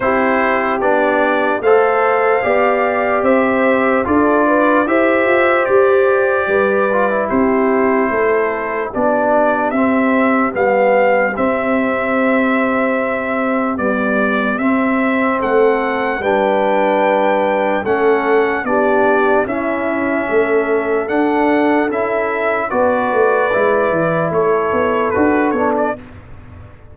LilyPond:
<<
  \new Staff \with { instrumentName = "trumpet" } { \time 4/4 \tempo 4 = 74 c''4 d''4 f''2 | e''4 d''4 e''4 d''4~ | d''4 c''2 d''4 | e''4 f''4 e''2~ |
e''4 d''4 e''4 fis''4 | g''2 fis''4 d''4 | e''2 fis''4 e''4 | d''2 cis''4 b'8 cis''16 d''16 | }
  \new Staff \with { instrumentName = "horn" } { \time 4/4 g'2 c''4 d''4 | c''4 a'8 b'8 c''2 | b'4 g'4 a'4 g'4~ | g'1~ |
g'2. a'4 | b'2 a'4 g'4 | e'4 a'2. | b'2 a'2 | }
  \new Staff \with { instrumentName = "trombone" } { \time 4/4 e'4 d'4 a'4 g'4~ | g'4 f'4 g'2~ | g'8 f'16 e'2~ e'16 d'4 | c'4 b4 c'2~ |
c'4 g4 c'2 | d'2 cis'4 d'4 | cis'2 d'4 e'4 | fis'4 e'2 fis'8 d'8 | }
  \new Staff \with { instrumentName = "tuba" } { \time 4/4 c'4 b4 a4 b4 | c'4 d'4 e'8 f'8 g'4 | g4 c'4 a4 b4 | c'4 g4 c'2~ |
c'4 b4 c'4 a4 | g2 a4 b4 | cis'4 a4 d'4 cis'4 | b8 a8 gis8 e8 a8 b8 d'8 b8 | }
>>